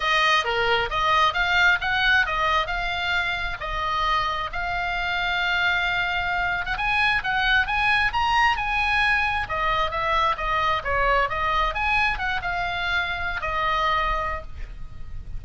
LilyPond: \new Staff \with { instrumentName = "oboe" } { \time 4/4 \tempo 4 = 133 dis''4 ais'4 dis''4 f''4 | fis''4 dis''4 f''2 | dis''2 f''2~ | f''2~ f''8. fis''16 gis''4 |
fis''4 gis''4 ais''4 gis''4~ | gis''4 dis''4 e''4 dis''4 | cis''4 dis''4 gis''4 fis''8 f''8~ | f''4.~ f''16 dis''2~ dis''16 | }